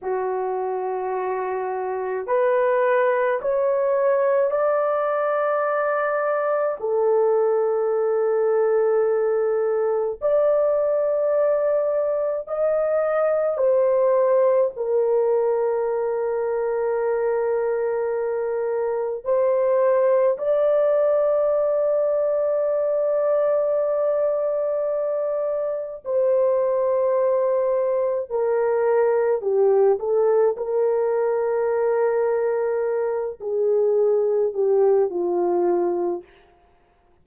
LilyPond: \new Staff \with { instrumentName = "horn" } { \time 4/4 \tempo 4 = 53 fis'2 b'4 cis''4 | d''2 a'2~ | a'4 d''2 dis''4 | c''4 ais'2.~ |
ais'4 c''4 d''2~ | d''2. c''4~ | c''4 ais'4 g'8 a'8 ais'4~ | ais'4. gis'4 g'8 f'4 | }